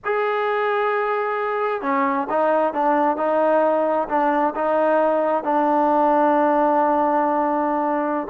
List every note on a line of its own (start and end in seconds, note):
0.05 1.81 G#4
1.81 2.27 C#4
2.29 2.73 D#4
2.73 3.17 D4
3.17 4.07 D#4
4.08 4.54 D4
4.55 5.43 D#4
5.43 8.27 D4